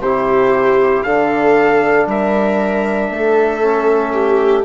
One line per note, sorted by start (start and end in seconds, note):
0.00 1.03 C3
0.00 1.07 E4
0.00 1.05 G4
0.00 1.04 C5
1.04 2.07 D3
1.04 3.62 D4
1.04 2.08 A4
1.04 2.07 F5
2.07 3.10 G3
2.07 3.12 A#4
2.07 4.66 E5
3.11 4.66 A3
3.11 4.13 A4
3.62 4.66 C#4
4.13 4.65 G4